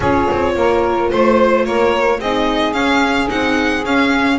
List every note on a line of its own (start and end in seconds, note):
0.00 0.27 C#4
0.00 2.21 F4
0.00 0.52 G#4
0.00 1.10 C#5
0.31 0.56 C4
0.56 1.11 A#3
0.56 1.11 A#4
1.10 1.66 A3
1.10 1.65 C5
1.65 2.19 A#3
1.65 2.19 A#4
1.65 2.20 C#5
2.19 2.73 C4
2.19 2.73 D#4
2.19 4.38 G#4
2.19 2.73 D#5
2.73 3.28 C#4
2.73 3.28 F5
3.28 3.84 C4
3.28 3.83 D#4
3.28 3.85 F#5
3.84 4.38 C#4
3.84 4.38 F5